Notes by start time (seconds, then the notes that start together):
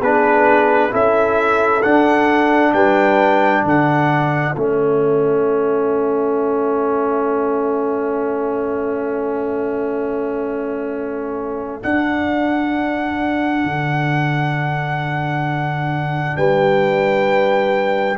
0.00 B3 D4 G#4 B4
0.91 C#4 E4 A4 E5
1.83 D4 F#5
2.73 G3 B4 G5
3.64 D3 A4 F#5
4.57 A3 C#4 E5
11.81 D4 F#5
13.65 D3
16.37 G3 B4 G5